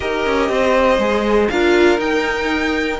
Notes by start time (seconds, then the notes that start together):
0.00 D#4 G4 A#4 D#5
0.25 C#4
0.49 C4 C5
0.98 G#3 G#4
1.49 D4 F4 A#4 F5
1.98 D#4 G5